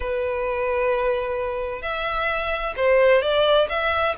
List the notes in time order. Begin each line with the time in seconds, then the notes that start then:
0.00 B4
1.82 E5
2.76 C5
3.21 D5
3.69 E5